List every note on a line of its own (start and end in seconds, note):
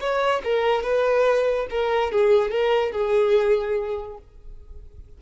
0.00 0.42 C#5
0.44 0.83 A#4
0.83 1.67 B4
1.70 2.12 A#4
2.12 2.51 G#4
2.51 2.92 A#4
2.92 4.17 G#4